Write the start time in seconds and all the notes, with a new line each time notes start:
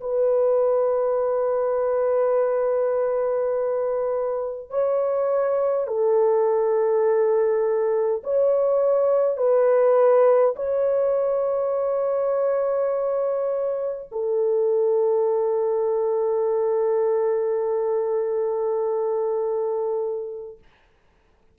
0.00 B4
4.70 C#5
5.87 A4
8.24 C#5
9.36 B4
10.56 C#5
14.11 A4